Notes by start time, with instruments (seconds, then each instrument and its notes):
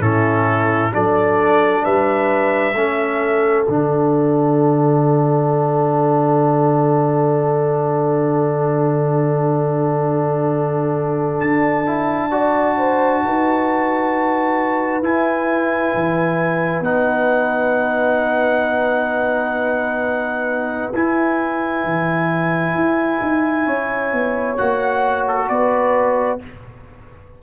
0.00 tuba A2, trombone C#4, horn E4, trumpet A4
0.92 tuba F#3, trombone D4, horn A4, trumpet D5
1.84 tuba G3, horn B4, trumpet E5
2.73 tuba A3, trombone C#4, horn A4
3.64 tuba D3, trombone D4, trumpet F#5
11.40 tuba D4, trumpet A5
11.87 trombone E4
12.31 trombone F#4, horn D5
12.78 horn C5
13.24 tuba D#4, horn B4
15.02 tuba E4, trombone E4, trumpet G#5
15.94 tuba E3
16.80 tuba B3, trombone D#4, trumpet F#5
20.94 tuba E4, trombone E4, trumpet G#5
21.84 tuba E3
22.74 tuba E4
23.21 tuba D#4
23.66 tuba C#4, horn C#5
24.12 tuba B3
24.57 tuba A#3, trombone F#4, trumpet F#5
25.27 trumpet A4
25.48 tuba B3, horn B4, trumpet D5